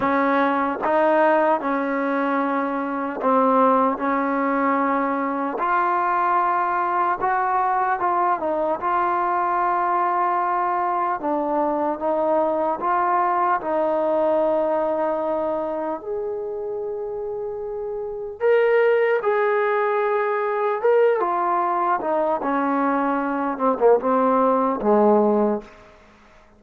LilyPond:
\new Staff \with { instrumentName = "trombone" } { \time 4/4 \tempo 4 = 75 cis'4 dis'4 cis'2 | c'4 cis'2 f'4~ | f'4 fis'4 f'8 dis'8 f'4~ | f'2 d'4 dis'4 |
f'4 dis'2. | gis'2. ais'4 | gis'2 ais'8 f'4 dis'8 | cis'4. c'16 ais16 c'4 gis4 | }